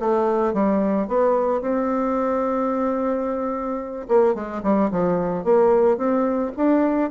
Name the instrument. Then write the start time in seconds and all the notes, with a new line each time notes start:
bassoon
0.00 A3
0.54 G3
1.08 B3
1.62 C4
4.09 A#3
4.35 G#3
4.63 G3
4.91 F3
5.44 A#3
5.98 C4
6.57 D4